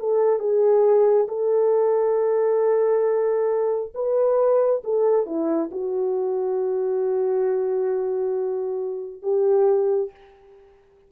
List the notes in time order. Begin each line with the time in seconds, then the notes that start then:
0.00 A4
0.39 G#4
1.28 A4
3.95 B4
4.84 A4
5.26 E4
5.72 F#4
9.23 G4